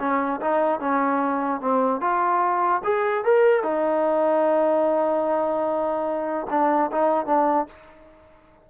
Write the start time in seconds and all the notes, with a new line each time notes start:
0.00 C#4
0.41 D#4
0.80 C#4
1.61 C4
2.01 F4
2.84 G#4
3.25 A#4
3.64 D#4
6.50 D4
6.92 D#4
7.27 D4